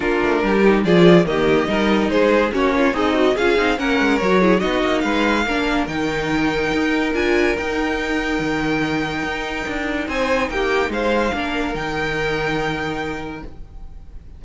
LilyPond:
<<
  \new Staff \with { instrumentName = "violin" } { \time 4/4 \tempo 4 = 143 ais'2 d''4 dis''4~ | dis''4 c''4 cis''4 dis''4 | f''4 fis''4 cis''4 dis''4 | f''2 g''2~ |
g''4 gis''4 g''2~ | g''1 | gis''4 g''4 f''2 | g''1 | }
  \new Staff \with { instrumentName = "violin" } { \time 4/4 f'4 g'4 gis'4 g'4 | ais'4 gis'4 fis'8 f'8 dis'4 | gis'4 ais'4. gis'8 fis'4 | b'4 ais'2.~ |
ais'1~ | ais'1 | c''4 g'4 c''4 ais'4~ | ais'1 | }
  \new Staff \with { instrumentName = "viola" } { \time 4/4 d'4. dis'8 f'4 ais4 | dis'2 cis'4 gis'8 fis'8 | f'8 dis'8 cis'4 fis'8 e'8 dis'4~ | dis'4 d'4 dis'2~ |
dis'4 f'4 dis'2~ | dis'1~ | dis'2. d'4 | dis'1 | }
  \new Staff \with { instrumentName = "cello" } { \time 4/4 ais8 a8 g4 f4 dis4 | g4 gis4 ais4 c'4 | cis'8 c'8 ais8 gis8 fis4 b8 ais8 | gis4 ais4 dis2 |
dis'4 d'4 dis'2 | dis2 dis'4 d'4 | c'4 ais4 gis4 ais4 | dis1 | }
>>